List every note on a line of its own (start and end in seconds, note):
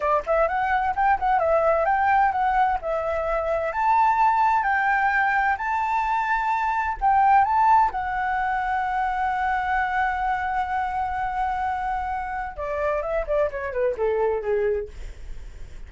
0.00 0.23 D5
0.26 0.48 E5
0.48 0.94 F#5
0.95 1.18 G5
1.19 1.39 F#5
1.39 1.85 E5
1.85 2.32 G5
2.32 2.78 F#5
2.81 3.72 E5
3.72 4.63 A5
4.63 5.56 G5
5.57 6.97 A5
7.00 7.44 G5
7.44 7.90 A5
7.91 12.56 F#5
12.56 13.01 D5
13.01 13.25 E5
13.26 13.50 D5
13.51 13.72 C#5
13.72 13.95 B4
13.97 14.41 A4
14.41 14.88 G#4